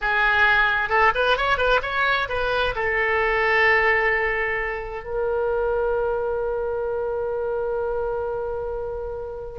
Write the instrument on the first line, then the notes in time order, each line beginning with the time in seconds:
oboe
0.01 G#4
0.89 A4
1.15 B4
1.37 C#5
1.57 B4
1.82 C#5
2.29 B4
2.75 A4
5.04 A#4